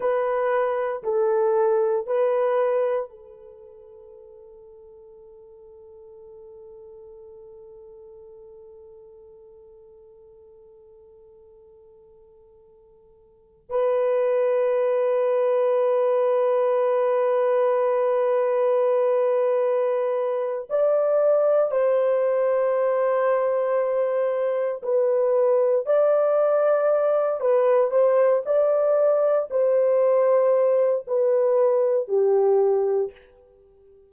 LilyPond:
\new Staff \with { instrumentName = "horn" } { \time 4/4 \tempo 4 = 58 b'4 a'4 b'4 a'4~ | a'1~ | a'1~ | a'4~ a'16 b'2~ b'8.~ |
b'1 | d''4 c''2. | b'4 d''4. b'8 c''8 d''8~ | d''8 c''4. b'4 g'4 | }